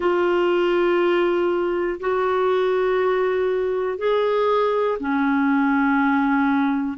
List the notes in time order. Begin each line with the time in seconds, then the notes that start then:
0.00 F4
2.00 F#4
3.98 G#4
4.99 C#4